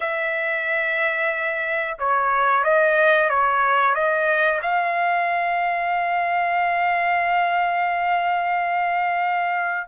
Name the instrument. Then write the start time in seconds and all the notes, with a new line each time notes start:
trumpet
0.00 E5
1.98 C#5
2.64 D#5
3.29 C#5
3.94 D#5
4.62 F5